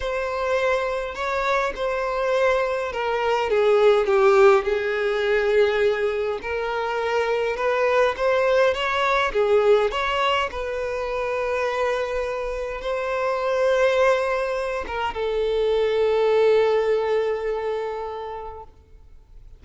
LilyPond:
\new Staff \with { instrumentName = "violin" } { \time 4/4 \tempo 4 = 103 c''2 cis''4 c''4~ | c''4 ais'4 gis'4 g'4 | gis'2. ais'4~ | ais'4 b'4 c''4 cis''4 |
gis'4 cis''4 b'2~ | b'2 c''2~ | c''4. ais'8 a'2~ | a'1 | }